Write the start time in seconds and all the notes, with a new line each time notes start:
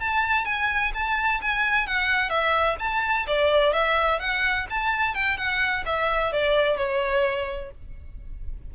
0.00 A5
0.45 G#5
0.94 A5
1.41 G#5
1.86 F#5
2.29 E5
2.79 A5
3.27 D5
3.73 E5
4.19 F#5
4.70 A5
5.14 G5
5.37 F#5
5.85 E5
6.32 D5
6.77 C#5